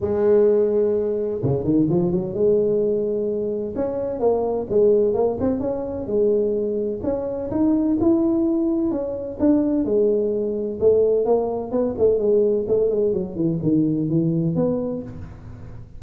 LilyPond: \new Staff \with { instrumentName = "tuba" } { \time 4/4 \tempo 4 = 128 gis2. cis8 dis8 | f8 fis8 gis2. | cis'4 ais4 gis4 ais8 c'8 | cis'4 gis2 cis'4 |
dis'4 e'2 cis'4 | d'4 gis2 a4 | ais4 b8 a8 gis4 a8 gis8 | fis8 e8 dis4 e4 b4 | }